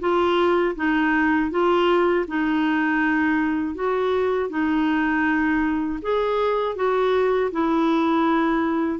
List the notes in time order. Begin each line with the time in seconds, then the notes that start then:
0.00 F4
0.76 D#4
1.51 F4
2.27 D#4
3.75 F#4
4.50 D#4
6.02 G#4
6.76 F#4
7.51 E4